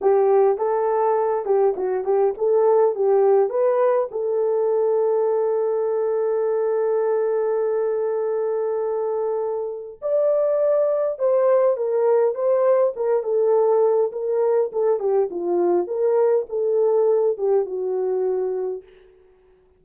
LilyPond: \new Staff \with { instrumentName = "horn" } { \time 4/4 \tempo 4 = 102 g'4 a'4. g'8 fis'8 g'8 | a'4 g'4 b'4 a'4~ | a'1~ | a'1~ |
a'4 d''2 c''4 | ais'4 c''4 ais'8 a'4. | ais'4 a'8 g'8 f'4 ais'4 | a'4. g'8 fis'2 | }